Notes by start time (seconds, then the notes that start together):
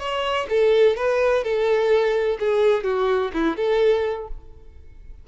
0.00 C#5
0.50 A4
0.97 B4
1.44 A4
2.40 G#4
2.84 F#4
3.34 E4
3.57 A4